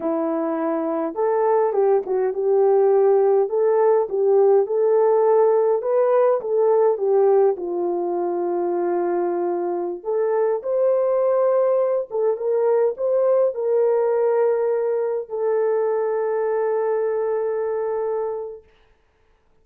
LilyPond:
\new Staff \with { instrumentName = "horn" } { \time 4/4 \tempo 4 = 103 e'2 a'4 g'8 fis'8 | g'2 a'4 g'4 | a'2 b'4 a'4 | g'4 f'2.~ |
f'4~ f'16 a'4 c''4.~ c''16~ | c''8. a'8 ais'4 c''4 ais'8.~ | ais'2~ ais'16 a'4.~ a'16~ | a'1 | }